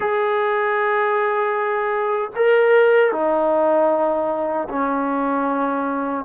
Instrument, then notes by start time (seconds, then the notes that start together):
trombone
0.00 G#4
2.35 A#4
3.12 D#4
4.69 C#4